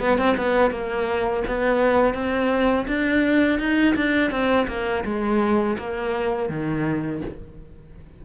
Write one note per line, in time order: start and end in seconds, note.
0.00 0.18 B3
0.18 0.36 C4
0.37 0.71 B3
0.71 1.43 A#3
1.48 2.14 B3
2.14 2.87 C4
2.88 3.59 D4
3.59 3.95 D#4
3.96 4.31 D4
4.31 4.67 C4
4.68 5.04 A#3
5.05 5.77 G#3
5.79 6.50 A#3
6.50 7.22 D#3